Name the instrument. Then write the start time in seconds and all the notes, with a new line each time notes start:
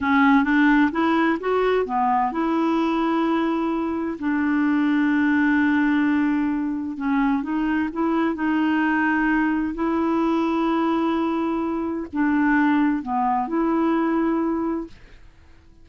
clarinet
0.00 C#4
0.44 D4
0.91 E4
1.40 F#4
1.85 B3
2.32 E4
4.19 D4
6.97 C#4
7.42 D#4
7.92 E4
8.34 D#4
9.74 E4
12.12 D4
13.02 B3
13.47 E4